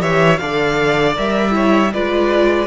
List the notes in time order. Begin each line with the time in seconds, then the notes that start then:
0.00 E3 G4 C#5 E5
0.38 D3 A4 D5 F5
1.17 G3 A#4 E5
1.51 E4 C#5
1.94 G#3 F4 B4 D5